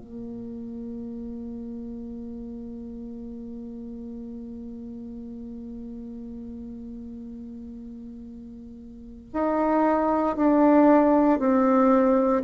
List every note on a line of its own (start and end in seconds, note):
0.00 9.31 A#3
9.33 10.36 D#4
10.36 11.39 D4
11.39 12.43 C4